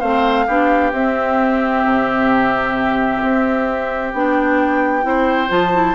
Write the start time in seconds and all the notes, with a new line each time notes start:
0.00 A3 C4 C5 F5
0.47 B3 D4 G4
0.92 C4 E5
1.85 C3
3.22 C4
4.14 B3 D4 G5
5.02 C4 E4 C5
5.48 F3 F4 A5
5.73 E4